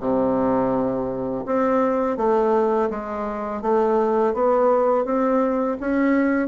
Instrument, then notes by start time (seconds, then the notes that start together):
bassoon
0.00 C3
1.46 C4
2.17 A3
2.90 G#3
3.62 A3
4.34 B3
5.05 C4
5.80 C#4